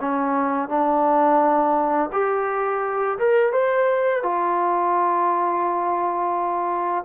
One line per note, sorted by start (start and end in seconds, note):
0.00 0.69 C#4
0.69 2.10 D4
2.12 3.18 G4
3.18 3.52 A#4
3.52 4.23 C5
4.23 7.04 F4